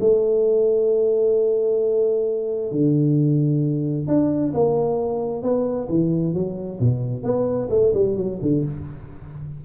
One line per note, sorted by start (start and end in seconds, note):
0.00 2.71 A3
2.71 4.07 D3
4.07 4.53 D4
4.54 5.42 A#3
5.42 5.88 B3
5.89 6.34 E3
6.34 6.79 F#3
6.80 7.23 B2
7.23 7.69 B3
7.70 7.93 A3
7.94 8.16 G3
8.16 8.39 F#3
8.42 8.64 D3